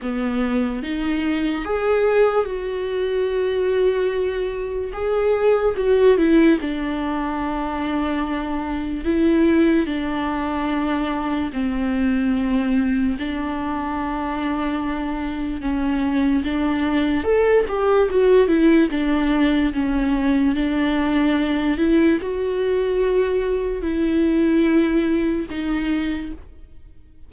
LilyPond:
\new Staff \with { instrumentName = "viola" } { \time 4/4 \tempo 4 = 73 b4 dis'4 gis'4 fis'4~ | fis'2 gis'4 fis'8 e'8 | d'2. e'4 | d'2 c'2 |
d'2. cis'4 | d'4 a'8 g'8 fis'8 e'8 d'4 | cis'4 d'4. e'8 fis'4~ | fis'4 e'2 dis'4 | }